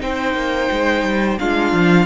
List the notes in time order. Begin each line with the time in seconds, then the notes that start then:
0.00 C4 D#4 C5 G5
0.34 A#3
0.72 G#3
1.03 G3
1.39 G#3 D4 F4 F5
1.73 F3